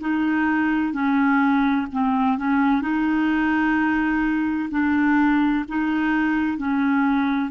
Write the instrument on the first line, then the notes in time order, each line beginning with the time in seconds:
clarinet
0.00 D#4
0.93 C#4
1.92 C4
2.37 C#4
2.81 D#4
4.70 D4
5.68 D#4
6.57 C#4